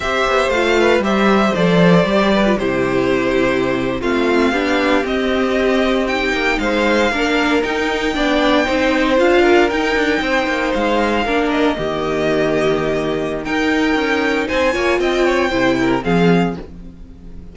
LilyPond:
<<
  \new Staff \with { instrumentName = "violin" } { \time 4/4 \tempo 4 = 116 e''4 f''4 e''4 d''4~ | d''4 c''2~ c''8. f''16~ | f''4.~ f''16 dis''2 g''16~ | g''8. f''2 g''4~ g''16~ |
g''4.~ g''16 f''4 g''4~ g''16~ | g''8. f''4. dis''4.~ dis''16~ | dis''2 g''2 | gis''4 g''2 f''4 | }
  \new Staff \with { instrumentName = "violin" } { \time 4/4 c''4. b'8 c''2~ | c''8 b'8 g'2~ g'8. f'16~ | f'8. g'2.~ g'16~ | g'8. c''4 ais'2 d''16~ |
d''8. c''4. ais'4. c''16~ | c''4.~ c''16 ais'4 g'4~ g'16~ | g'2 ais'2 | c''8 cis''8 dis''8 cis''8 c''8 ais'8 gis'4 | }
  \new Staff \with { instrumentName = "viola" } { \time 4/4 g'4 f'4 g'4 a'4 | g'8. f'16 e'2~ e'8. c'16~ | c'8. d'4 c'2 dis'16~ | dis'4.~ dis'16 d'4 dis'4 d'16~ |
d'8. dis'4 f'4 dis'4~ dis'16~ | dis'4.~ dis'16 d'4 ais4~ ais16~ | ais2 dis'2~ | dis'8 f'4. e'4 c'4 | }
  \new Staff \with { instrumentName = "cello" } { \time 4/4 c'8 b8 a4 g4 f4 | g4 c2~ c8. a16~ | a8. b4 c'2~ c'16~ | c'16 ais8 gis4 ais4 dis'4 b16~ |
b8. c'4 d'4 dis'8 d'8 c'16~ | c'16 ais8 gis4 ais4 dis4~ dis16~ | dis2 dis'4 cis'4 | c'8 ais8 c'4 c4 f4 | }
>>